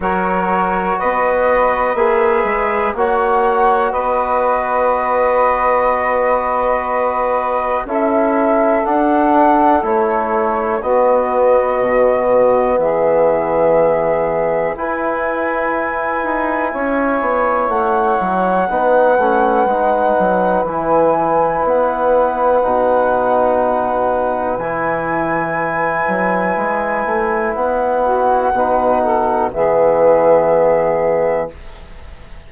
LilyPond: <<
  \new Staff \with { instrumentName = "flute" } { \time 4/4 \tempo 4 = 61 cis''4 dis''4 e''4 fis''4 | dis''1 | e''4 fis''4 cis''4 dis''4~ | dis''4 e''2 gis''4~ |
gis''2 fis''2~ | fis''4 gis''4 fis''2~ | fis''4 gis''2. | fis''2 e''2 | }
  \new Staff \with { instrumentName = "saxophone" } { \time 4/4 ais'4 b'2 cis''4 | b'1 | a'2. fis'4~ | fis'4 gis'2 b'4~ |
b'4 cis''2 b'4~ | b'1~ | b'1~ | b'8 fis'8 b'8 a'8 gis'2 | }
  \new Staff \with { instrumentName = "trombone" } { \time 4/4 fis'2 gis'4 fis'4~ | fis'1 | e'4 d'4 e'4 b4~ | b2. e'4~ |
e'2. dis'8 cis'8 | dis'4 e'2 dis'4~ | dis'4 e'2.~ | e'4 dis'4 b2 | }
  \new Staff \with { instrumentName = "bassoon" } { \time 4/4 fis4 b4 ais8 gis8 ais4 | b1 | cis'4 d'4 a4 b4 | b,4 e2 e'4~ |
e'8 dis'8 cis'8 b8 a8 fis8 b8 a8 | gis8 fis8 e4 b4 b,4~ | b,4 e4. fis8 gis8 a8 | b4 b,4 e2 | }
>>